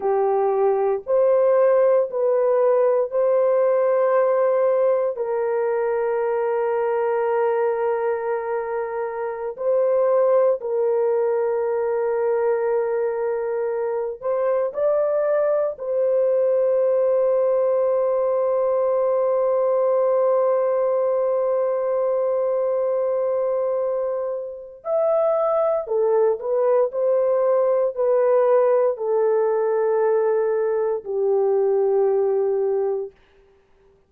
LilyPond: \new Staff \with { instrumentName = "horn" } { \time 4/4 \tempo 4 = 58 g'4 c''4 b'4 c''4~ | c''4 ais'2.~ | ais'4~ ais'16 c''4 ais'4.~ ais'16~ | ais'4.~ ais'16 c''8 d''4 c''8.~ |
c''1~ | c''1 | e''4 a'8 b'8 c''4 b'4 | a'2 g'2 | }